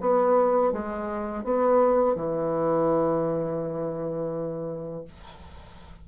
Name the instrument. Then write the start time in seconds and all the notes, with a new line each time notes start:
bassoon
0.00 B3
0.72 G#3
1.44 B3
2.15 E3